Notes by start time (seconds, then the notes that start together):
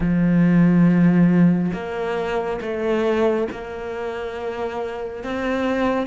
0.00 F3
1.73 A#3
2.61 A3
3.51 A#3
5.23 C4